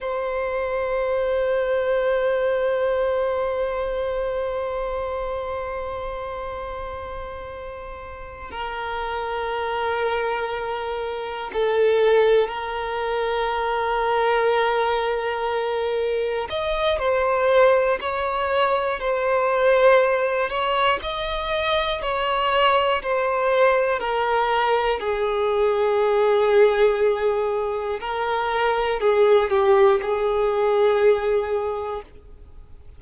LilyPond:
\new Staff \with { instrumentName = "violin" } { \time 4/4 \tempo 4 = 60 c''1~ | c''1~ | c''8 ais'2. a'8~ | a'8 ais'2.~ ais'8~ |
ais'8 dis''8 c''4 cis''4 c''4~ | c''8 cis''8 dis''4 cis''4 c''4 | ais'4 gis'2. | ais'4 gis'8 g'8 gis'2 | }